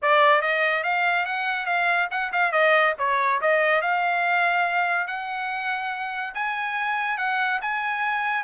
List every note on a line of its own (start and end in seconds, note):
0.02 0.41 D5
0.41 0.83 D#5
0.83 1.25 F5
1.25 1.66 F#5
1.66 2.08 F5
2.10 2.31 F#5
2.32 2.51 F5
2.51 2.94 D#5
2.98 3.40 C#5
3.41 3.81 D#5
3.81 5.07 F5
5.07 6.34 F#5
6.34 7.17 G#5
7.17 7.60 F#5
7.61 8.43 G#5